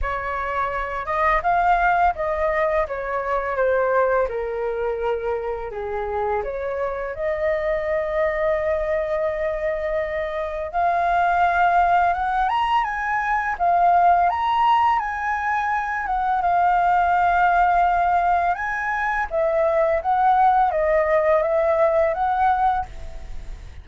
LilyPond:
\new Staff \with { instrumentName = "flute" } { \time 4/4 \tempo 4 = 84 cis''4. dis''8 f''4 dis''4 | cis''4 c''4 ais'2 | gis'4 cis''4 dis''2~ | dis''2. f''4~ |
f''4 fis''8 ais''8 gis''4 f''4 | ais''4 gis''4. fis''8 f''4~ | f''2 gis''4 e''4 | fis''4 dis''4 e''4 fis''4 | }